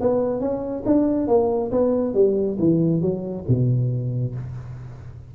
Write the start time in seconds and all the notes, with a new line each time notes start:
0.00 B3
0.40 C#4
0.86 D4
1.27 A#3
1.71 B3
2.14 G3
2.59 E3
3.01 F#3
3.48 B2